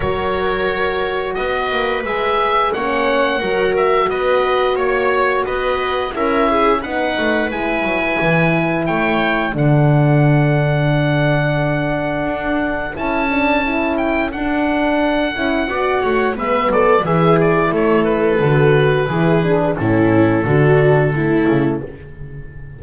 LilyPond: <<
  \new Staff \with { instrumentName = "oboe" } { \time 4/4 \tempo 4 = 88 cis''2 dis''4 e''4 | fis''4. e''8 dis''4 cis''4 | dis''4 e''4 fis''4 gis''4~ | gis''4 g''4 fis''2~ |
fis''2. a''4~ | a''8 g''8 fis''2. | e''8 d''8 e''8 d''8 cis''8 b'4.~ | b'4 a'2. | }
  \new Staff \with { instrumentName = "viola" } { \time 4/4 ais'2 b'2 | cis''4 ais'4 b'4 cis''4 | b'4 ais'8 gis'8 b'2~ | b'4 cis''4 a'2~ |
a'1~ | a'2. d''8 cis''8 | b'8 a'8 gis'4 a'2 | gis'4 e'4 fis'4 e'4 | }
  \new Staff \with { instrumentName = "horn" } { \time 4/4 fis'2. gis'4 | cis'4 fis'2.~ | fis'4 e'4 dis'4 e'4~ | e'2 d'2~ |
d'2. e'8 d'8 | e'4 d'4. e'8 fis'4 | b4 e'2 fis'4 | e'8 d'8 cis'4 d'4 a4 | }
  \new Staff \with { instrumentName = "double bass" } { \time 4/4 fis2 b8 ais8 gis4 | ais4 fis4 b4 ais4 | b4 cis'4 b8 a8 gis8 fis8 | e4 a4 d2~ |
d2 d'4 cis'4~ | cis'4 d'4. cis'8 b8 a8 | gis8 fis8 e4 a4 d4 | e4 a,4 d4. cis8 | }
>>